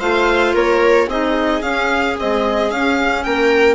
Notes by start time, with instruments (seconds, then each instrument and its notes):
0.00 bassoon A3, clarinet F4, viola C5, violin F5
0.54 bassoon A#3, viola A#4, violin C#5
1.08 bassoon C4, clarinet D#4, viola G#4, violin D#5
1.62 clarinet C#4, bassoon C#4, violin F5
2.20 clarinet G#3, bassoon C4, violin D#5
2.71 bassoon C#4, clarinet C#4, violin F5
3.24 bassoon A#3, viola A#4, violin G5